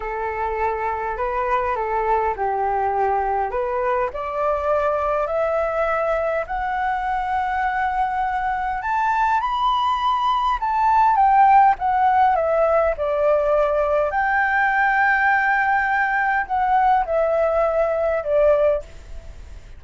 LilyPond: \new Staff \with { instrumentName = "flute" } { \time 4/4 \tempo 4 = 102 a'2 b'4 a'4 | g'2 b'4 d''4~ | d''4 e''2 fis''4~ | fis''2. a''4 |
b''2 a''4 g''4 | fis''4 e''4 d''2 | g''1 | fis''4 e''2 d''4 | }